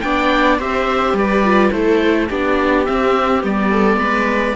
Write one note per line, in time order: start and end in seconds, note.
0.00 0.59 B3
0.00 0.59 D4
0.00 0.59 D5
0.00 0.57 G5
0.59 1.13 C4
0.59 1.44 G4
0.59 1.16 C5
0.59 1.17 E5
1.13 1.69 G3
1.13 1.73 B4
1.13 1.71 D5
1.44 1.72 F4
1.71 2.29 A3
1.71 2.29 E4
1.71 2.29 A4
1.71 2.28 C5
2.29 2.87 B3
2.29 2.86 D4
2.29 3.70 G4
2.29 2.85 D5
2.85 3.41 C4
2.85 3.43 C4
2.85 3.42 E5
3.41 3.96 G3
3.41 4.54 B3
3.41 4.55 D5
3.70 3.99 A4
3.96 4.53 G#3
3.96 4.55 B4